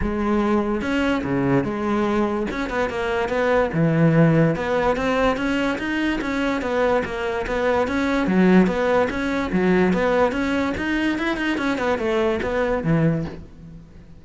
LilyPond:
\new Staff \with { instrumentName = "cello" } { \time 4/4 \tempo 4 = 145 gis2 cis'4 cis4 | gis2 cis'8 b8 ais4 | b4 e2 b4 | c'4 cis'4 dis'4 cis'4 |
b4 ais4 b4 cis'4 | fis4 b4 cis'4 fis4 | b4 cis'4 dis'4 e'8 dis'8 | cis'8 b8 a4 b4 e4 | }